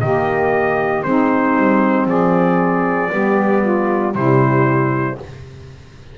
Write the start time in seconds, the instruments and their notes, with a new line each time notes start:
0.00 double bass D#3, saxophone A#3 G4, trumpet D#5
1.02 double bass G#3, saxophone C4 D#4, trumpet C5
1.56 double bass G3
2.05 double bass F3, saxophone G#4, trumpet D5
3.09 double bass G3, saxophone B3 G4
3.61 saxophone F4
4.14 double bass C3, saxophone G3 E4, trumpet C5